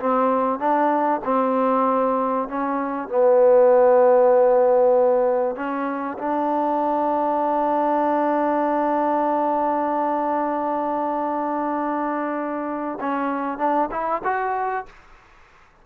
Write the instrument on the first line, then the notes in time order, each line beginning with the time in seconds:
trombone
0.00 C4
0.60 D4
1.25 C4
2.49 C#4
3.09 B3
5.56 C#4
6.19 D4
13.01 C#4
13.59 D4
13.92 E4
14.24 F#4